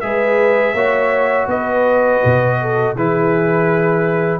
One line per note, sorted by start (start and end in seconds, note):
0.00 0.73 G#3
0.00 0.75 G#4
0.00 0.74 B4
0.00 1.46 E5
0.73 1.46 A#3
0.73 2.96 F#4
0.73 1.47 C#5
1.47 2.20 B3
1.47 2.58 B4
1.47 2.96 D#5
2.24 2.95 B2
2.61 2.94 A4
2.94 4.40 E3
2.94 4.40 E4
2.94 4.40 G#4
2.94 4.40 B4